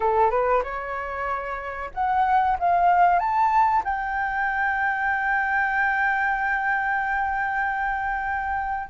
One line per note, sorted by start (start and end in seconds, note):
0.00 0.30 A4
0.30 0.62 B4
0.63 1.91 C#5
1.94 2.57 F#5
2.59 3.19 F5
3.19 3.82 A5
3.84 8.89 G5